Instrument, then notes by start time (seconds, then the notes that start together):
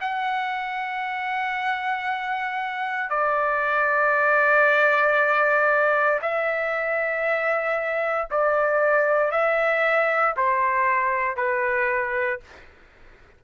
trumpet
0.00 F#5
3.09 D5
6.21 E5
8.30 D5
9.31 E5
10.36 C5
11.36 B4